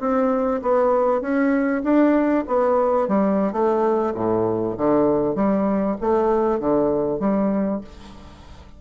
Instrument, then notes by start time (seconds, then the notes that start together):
bassoon
0.00 C4
0.62 B3
1.21 C#4
1.84 D4
2.47 B3
3.08 G3
3.53 A3
4.15 A2
4.78 D3
5.35 G3
6.01 A3
6.60 D3
7.20 G3